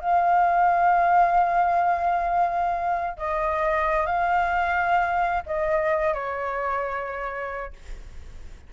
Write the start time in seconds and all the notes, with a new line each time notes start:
0.00 F5
3.17 D#5
4.06 F5
5.46 D#5
6.14 C#5